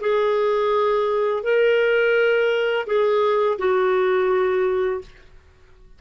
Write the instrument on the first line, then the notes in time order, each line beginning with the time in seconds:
clarinet
0.00 G#4
1.43 A#4
2.86 G#4
3.58 F#4